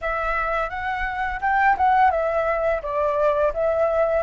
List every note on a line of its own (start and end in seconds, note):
0.01 0.69 E5
0.69 1.40 F#5
1.41 1.76 G5
1.77 2.10 F#5
2.10 2.81 E5
2.82 3.53 D5
3.53 4.22 E5